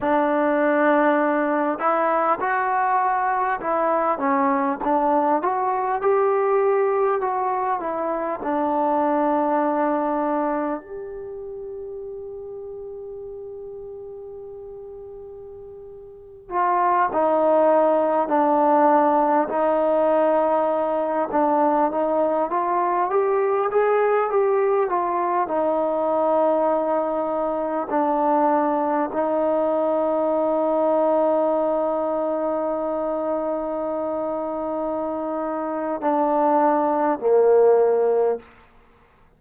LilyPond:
\new Staff \with { instrumentName = "trombone" } { \time 4/4 \tempo 4 = 50 d'4. e'8 fis'4 e'8 cis'8 | d'8 fis'8 g'4 fis'8 e'8 d'4~ | d'4 g'2.~ | g'4.~ g'16 f'8 dis'4 d'8.~ |
d'16 dis'4. d'8 dis'8 f'8 g'8 gis'16~ | gis'16 g'8 f'8 dis'2 d'8.~ | d'16 dis'2.~ dis'8.~ | dis'2 d'4 ais4 | }